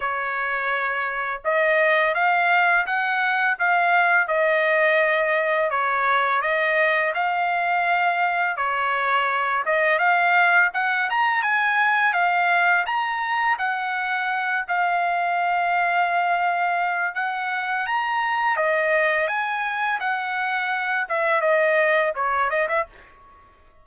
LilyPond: \new Staff \with { instrumentName = "trumpet" } { \time 4/4 \tempo 4 = 84 cis''2 dis''4 f''4 | fis''4 f''4 dis''2 | cis''4 dis''4 f''2 | cis''4. dis''8 f''4 fis''8 ais''8 |
gis''4 f''4 ais''4 fis''4~ | fis''8 f''2.~ f''8 | fis''4 ais''4 dis''4 gis''4 | fis''4. e''8 dis''4 cis''8 dis''16 e''16 | }